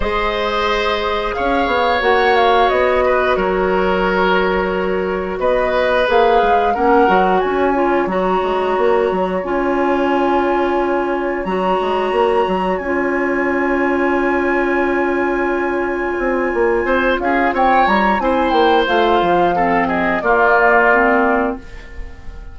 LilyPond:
<<
  \new Staff \with { instrumentName = "flute" } { \time 4/4 \tempo 4 = 89 dis''2 f''4 fis''8 f''8 | dis''4 cis''2. | dis''4 f''4 fis''4 gis''4 | ais''2 gis''2~ |
gis''4 ais''2 gis''4~ | gis''1~ | gis''4. f''8 g''8 ais''8 gis''8 g''8 | f''4. dis''8 d''2 | }
  \new Staff \with { instrumentName = "oboe" } { \time 4/4 c''2 cis''2~ | cis''8 b'8 ais'2. | b'2 ais'4 cis''4~ | cis''1~ |
cis''1~ | cis''1~ | cis''4 c''8 gis'8 cis''4 c''4~ | c''4 a'8 gis'8 f'2 | }
  \new Staff \with { instrumentName = "clarinet" } { \time 4/4 gis'2. fis'4~ | fis'1~ | fis'4 gis'4 cis'8 fis'4 f'8 | fis'2 f'2~ |
f'4 fis'2 f'4~ | f'1~ | f'2. e'4 | f'4 c'4 ais4 c'4 | }
  \new Staff \with { instrumentName = "bassoon" } { \time 4/4 gis2 cis'8 b8 ais4 | b4 fis2. | b4 ais8 gis8 ais8 fis8 cis'4 | fis8 gis8 ais8 fis8 cis'2~ |
cis'4 fis8 gis8 ais8 fis8 cis'4~ | cis'1 | c'8 ais8 c'8 cis'8 c'8 g8 c'8 ais8 | a8 f4. ais2 | }
>>